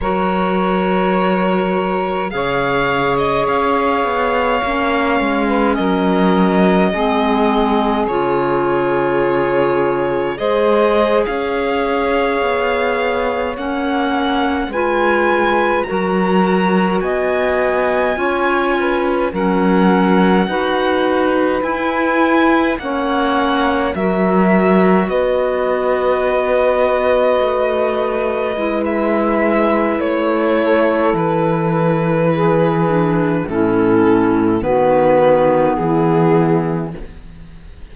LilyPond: <<
  \new Staff \with { instrumentName = "violin" } { \time 4/4 \tempo 4 = 52 cis''2 f''8. dis''16 f''4~ | f''4 dis''2 cis''4~ | cis''4 dis''8. f''2 fis''16~ | fis''8. gis''4 ais''4 gis''4~ gis''16~ |
gis''8. fis''2 gis''4 fis''16~ | fis''8. e''4 dis''2~ dis''16~ | dis''4 e''4 cis''4 b'4~ | b'4 a'4 b'4 gis'4 | }
  \new Staff \with { instrumentName = "saxophone" } { \time 4/4 ais'2 cis''2~ | cis''8. b'16 ais'4 gis'2~ | gis'4 c''8. cis''2~ cis''16~ | cis''8. b'4 ais'4 dis''4 cis''16~ |
cis''16 b'8 ais'4 b'2 cis''16~ | cis''8. ais'4 b'2~ b'16~ | b'2~ b'8 a'4. | gis'4 e'4 fis'4 e'4 | }
  \new Staff \with { instrumentName = "clarinet" } { \time 4/4 fis'2 gis'2 | cis'2 c'4 f'4~ | f'4 gis'2~ gis'8. cis'16~ | cis'8. f'4 fis'2 f'16~ |
f'8. cis'4 fis'4 e'4 cis'16~ | cis'8. fis'2.~ fis'16~ | fis'8. e'2.~ e'16~ | e'8 d'8 cis'4 b2 | }
  \new Staff \with { instrumentName = "cello" } { \time 4/4 fis2 cis4 cis'8 b8 | ais8 gis8 fis4 gis4 cis4~ | cis4 gis8. cis'4 b4 ais16~ | ais8. gis4 fis4 b4 cis'16~ |
cis'8. fis4 dis'4 e'4 ais16~ | ais8. fis4 b2 a16~ | a8. gis4~ gis16 a4 e4~ | e4 a,4 dis4 e4 | }
>>